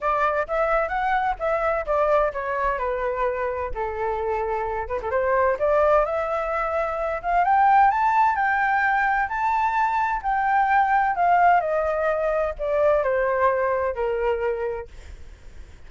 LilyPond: \new Staff \with { instrumentName = "flute" } { \time 4/4 \tempo 4 = 129 d''4 e''4 fis''4 e''4 | d''4 cis''4 b'2 | a'2~ a'8 b'16 a'16 c''4 | d''4 e''2~ e''8 f''8 |
g''4 a''4 g''2 | a''2 g''2 | f''4 dis''2 d''4 | c''2 ais'2 | }